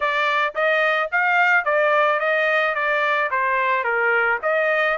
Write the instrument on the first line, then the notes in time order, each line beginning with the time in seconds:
trumpet
0.00 D5
0.54 D#5
1.11 F5
1.65 D5
2.19 D#5
2.74 D5
3.30 C5
3.84 A#4
4.42 D#5